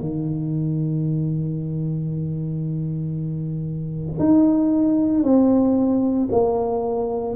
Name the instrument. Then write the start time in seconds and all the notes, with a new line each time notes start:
tuba
0.00 D#3
4.20 D#4
5.24 C4
6.32 A#3